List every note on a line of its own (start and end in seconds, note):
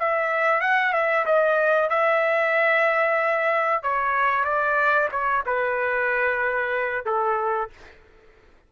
0.00 0.61 E5
0.61 0.93 F#5
0.93 1.26 E5
1.26 1.90 D#5
1.90 3.83 E5
3.83 4.45 C#5
4.45 5.09 D5
5.12 5.44 C#5
5.47 7.06 B4
7.06 7.70 A4